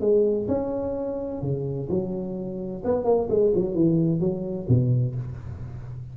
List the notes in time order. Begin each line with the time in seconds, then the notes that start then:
0.00 G#3
0.48 C#4
1.41 C#3
1.89 F#3
2.84 B3
3.04 A#3
3.29 G#3
3.55 F#3
3.74 E3
4.20 F#3
4.68 B2